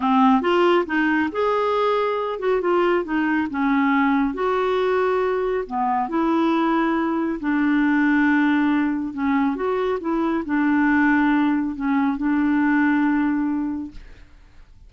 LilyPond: \new Staff \with { instrumentName = "clarinet" } { \time 4/4 \tempo 4 = 138 c'4 f'4 dis'4 gis'4~ | gis'4. fis'8 f'4 dis'4 | cis'2 fis'2~ | fis'4 b4 e'2~ |
e'4 d'2.~ | d'4 cis'4 fis'4 e'4 | d'2. cis'4 | d'1 | }